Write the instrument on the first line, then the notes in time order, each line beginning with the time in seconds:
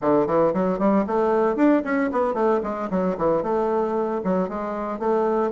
bassoon
0.01 D3
0.26 E3
0.53 F#3
0.78 G3
1.06 A3
1.56 D4
1.84 C#4
2.12 B3
2.34 A3
2.63 G#3
2.90 F#3
3.17 E3
3.42 A3
4.23 F#3
4.49 G#3
4.99 A3